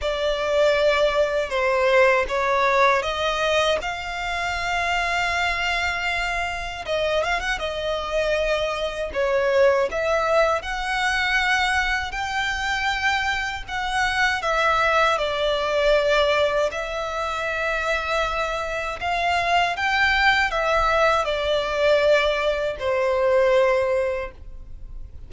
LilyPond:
\new Staff \with { instrumentName = "violin" } { \time 4/4 \tempo 4 = 79 d''2 c''4 cis''4 | dis''4 f''2.~ | f''4 dis''8 f''16 fis''16 dis''2 | cis''4 e''4 fis''2 |
g''2 fis''4 e''4 | d''2 e''2~ | e''4 f''4 g''4 e''4 | d''2 c''2 | }